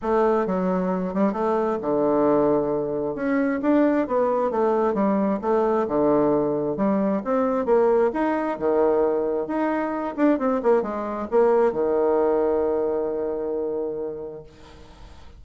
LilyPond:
\new Staff \with { instrumentName = "bassoon" } { \time 4/4 \tempo 4 = 133 a4 fis4. g8 a4 | d2. cis'4 | d'4 b4 a4 g4 | a4 d2 g4 |
c'4 ais4 dis'4 dis4~ | dis4 dis'4. d'8 c'8 ais8 | gis4 ais4 dis2~ | dis1 | }